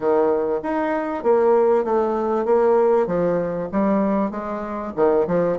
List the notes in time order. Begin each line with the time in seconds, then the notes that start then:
0.00 D#3
0.62 D#4
1.23 A#3
1.84 A3
2.45 A#3
3.06 F3
3.71 G3
4.30 G#3
4.95 D#3
5.27 F3